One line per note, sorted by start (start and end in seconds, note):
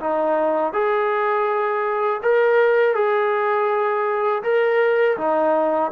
0.00 0.73 D#4
0.73 2.21 G#4
2.23 2.95 A#4
2.95 4.43 G#4
4.43 5.18 A#4
5.18 5.92 D#4